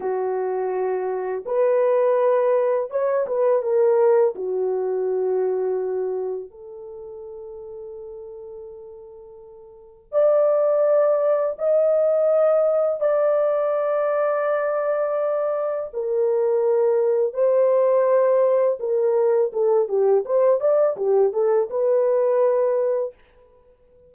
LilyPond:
\new Staff \with { instrumentName = "horn" } { \time 4/4 \tempo 4 = 83 fis'2 b'2 | cis''8 b'8 ais'4 fis'2~ | fis'4 a'2.~ | a'2 d''2 |
dis''2 d''2~ | d''2 ais'2 | c''2 ais'4 a'8 g'8 | c''8 d''8 g'8 a'8 b'2 | }